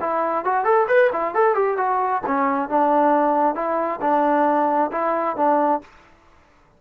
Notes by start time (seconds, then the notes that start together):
0.00 E4
0.44 F#4
0.64 A4
0.88 B4
1.12 E4
1.34 A4
1.54 G4
1.77 F#4
2.26 C#4
2.69 D4
3.55 E4
4.01 D4
4.91 E4
5.36 D4